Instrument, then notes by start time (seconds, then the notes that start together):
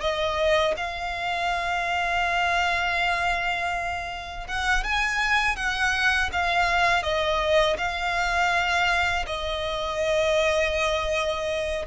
violin
0.00 D#5
0.76 F5
4.47 F#5
4.84 G#5
5.56 F#5
6.32 F5
7.02 D#5
7.77 F5
9.26 D#5